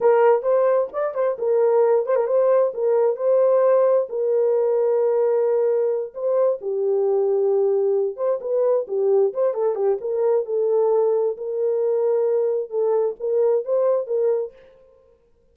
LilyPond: \new Staff \with { instrumentName = "horn" } { \time 4/4 \tempo 4 = 132 ais'4 c''4 d''8 c''8 ais'4~ | ais'8 c''16 ais'16 c''4 ais'4 c''4~ | c''4 ais'2.~ | ais'4. c''4 g'4.~ |
g'2 c''8 b'4 g'8~ | g'8 c''8 a'8 g'8 ais'4 a'4~ | a'4 ais'2. | a'4 ais'4 c''4 ais'4 | }